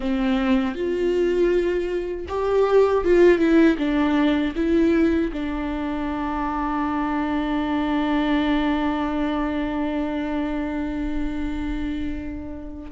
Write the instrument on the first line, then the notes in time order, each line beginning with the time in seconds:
viola
0.00 C4
0.75 F4
2.28 G4
3.04 F4
3.38 E4
3.78 D4
4.55 E4
5.32 D4